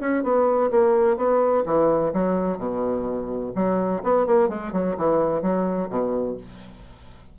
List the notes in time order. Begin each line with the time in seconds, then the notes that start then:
0.00 C#4
0.23 B3
0.71 A#3
1.17 B3
1.66 E3
2.13 F#3
2.58 B2
3.55 F#3
4.03 B3
4.26 A#3
4.49 G#3
4.72 F#3
4.97 E3
5.42 F#3
5.90 B2